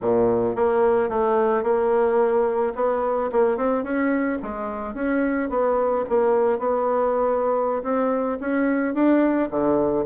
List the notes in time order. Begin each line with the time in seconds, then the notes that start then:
0.01 A#2
0.55 A#3
1.09 A3
1.63 A#3
2.75 B3
3.32 A#3
3.57 C4
3.83 C#4
4.42 G#3
4.94 C#4
5.49 B3
6.09 A#3
6.59 B3
7.83 C4
8.40 C#4
8.94 D4
9.50 D3